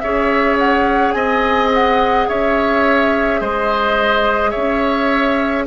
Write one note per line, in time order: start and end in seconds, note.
0.00 1.14 C#4
0.00 5.67 G#4
0.00 1.15 C#5
0.00 0.57 E5
0.59 1.12 F#5
1.12 2.27 C4
1.12 2.28 D#5
1.12 1.69 G#5
1.74 2.29 F#5
2.29 3.41 C#4
2.29 3.41 C#5
2.29 3.42 E5
3.41 4.54 G#3
3.41 4.51 C5
3.41 4.51 D#5
4.51 5.67 C#4
4.51 5.64 C#5
4.51 5.64 E5